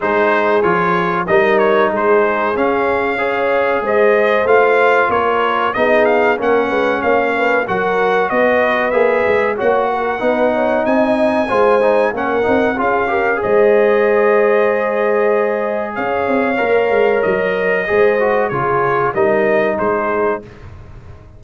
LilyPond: <<
  \new Staff \with { instrumentName = "trumpet" } { \time 4/4 \tempo 4 = 94 c''4 cis''4 dis''8 cis''8 c''4 | f''2 dis''4 f''4 | cis''4 dis''8 f''8 fis''4 f''4 | fis''4 dis''4 e''4 fis''4~ |
fis''4 gis''2 fis''4 | f''4 dis''2.~ | dis''4 f''2 dis''4~ | dis''4 cis''4 dis''4 c''4 | }
  \new Staff \with { instrumentName = "horn" } { \time 4/4 gis'2 ais'4 gis'4~ | gis'4 cis''4 c''2 | ais'4 gis'4 ais'8 b'8 cis''8 b'8 | ais'4 b'2 cis''8 ais'8 |
b'8 cis''8 dis''4 c''4 ais'4 | gis'8 ais'8 c''2.~ | c''4 cis''2. | c''4 gis'4 ais'4 gis'4 | }
  \new Staff \with { instrumentName = "trombone" } { \time 4/4 dis'4 f'4 dis'2 | cis'4 gis'2 f'4~ | f'4 dis'4 cis'2 | fis'2 gis'4 fis'4 |
dis'2 f'8 dis'8 cis'8 dis'8 | f'8 g'8 gis'2.~ | gis'2 ais'2 | gis'8 fis'8 f'4 dis'2 | }
  \new Staff \with { instrumentName = "tuba" } { \time 4/4 gis4 f4 g4 gis4 | cis'2 gis4 a4 | ais4 b4 ais8 gis8 ais4 | fis4 b4 ais8 gis8 ais4 |
b4 c'4 gis4 ais8 c'8 | cis'4 gis2.~ | gis4 cis'8 c'8 ais8 gis8 fis4 | gis4 cis4 g4 gis4 | }
>>